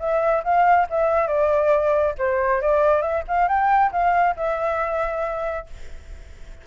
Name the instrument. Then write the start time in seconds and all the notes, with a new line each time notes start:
flute
0.00 E5
0.44 F5
0.90 E5
1.28 D5
2.19 C5
2.62 D5
3.02 E5
3.28 F5
3.49 G5
3.92 F5
4.37 E5